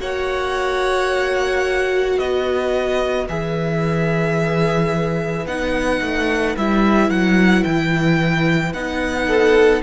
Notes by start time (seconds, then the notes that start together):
0.00 A#3 F#4 C#5 F#5
2.17 B3 B4 D#5
3.29 E3 G#4 E5
5.46 B3 D#4 F#5
6.02 A3
6.57 G3 E4 E5
7.10 F#3 F#5
7.64 E3 G5
8.74 B3 D#4 F#5
9.28 A4